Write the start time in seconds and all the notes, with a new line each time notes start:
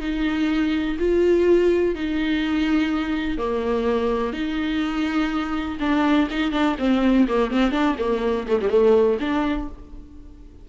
0.00 D#4
0.99 F4
1.95 D#4
3.38 A#3
4.33 D#4
5.80 D4
6.30 D#4
6.51 D4
6.79 C4
7.28 A#3
7.51 C4
7.72 D4
7.98 A#3
8.48 A3
8.61 G3
8.70 A3
9.20 D4